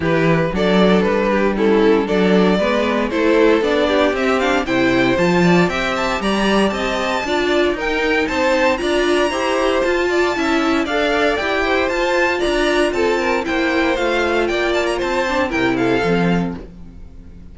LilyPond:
<<
  \new Staff \with { instrumentName = "violin" } { \time 4/4 \tempo 4 = 116 b'4 d''4 b'4 a'4 | d''2 c''4 d''4 | e''8 f''8 g''4 a''4 g''8 a''8 | ais''4 a''2 g''4 |
a''4 ais''2 a''4~ | a''4 f''4 g''4 a''4 | ais''4 a''4 g''4 f''4 | g''8 a''16 ais''16 a''4 g''8 f''4. | }
  \new Staff \with { instrumentName = "violin" } { \time 4/4 g'4 a'4. g'8 e'4 | a'4 b'4 a'4. g'8~ | g'4 c''4. d''8 e''4 | d''4 dis''4 d''4 ais'4 |
c''4 d''4 c''4. d''8 | e''4 d''4. c''4. | d''4 a'8 ais'8 c''2 | d''4 c''4 ais'8 a'4. | }
  \new Staff \with { instrumentName = "viola" } { \time 4/4 e'4 d'2 cis'4 | d'4 b4 e'4 d'4 | c'8 d'8 e'4 f'4 g'4~ | g'2 f'4 dis'4~ |
dis'4 f'4 g'4 f'4 | e'4 a'4 g'4 f'4~ | f'2 e'4 f'4~ | f'4. d'8 e'4 c'4 | }
  \new Staff \with { instrumentName = "cello" } { \time 4/4 e4 fis4 g2 | fis4 gis4 a4 b4 | c'4 c4 f4 c'4 | g4 c'4 d'4 dis'4 |
c'4 d'4 e'4 f'4 | cis'4 d'4 e'4 f'4 | d'4 c'4 ais4 a4 | ais4 c'4 c4 f4 | }
>>